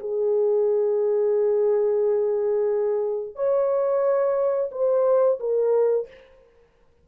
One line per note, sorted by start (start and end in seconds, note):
0.00 3.36 G#4
3.36 4.70 C#5
4.72 5.39 C5
5.40 6.08 A#4